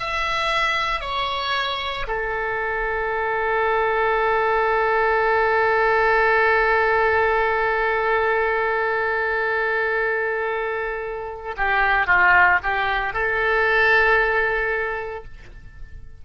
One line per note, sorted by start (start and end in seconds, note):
0.00 1.01 E5
1.01 2.06 C#5
2.08 11.55 A4
11.57 12.07 G4
12.07 12.59 F4
12.63 13.13 G4
13.13 15.24 A4